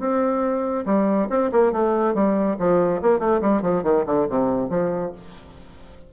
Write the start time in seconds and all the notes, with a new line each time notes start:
0.00 C4
0.86 G3
1.30 C4
1.52 A#3
1.73 A3
2.15 G3
2.59 F3
3.02 A#3
3.20 A3
3.41 G3
3.62 F3
3.84 D#3
4.06 D3
4.29 C3
4.70 F3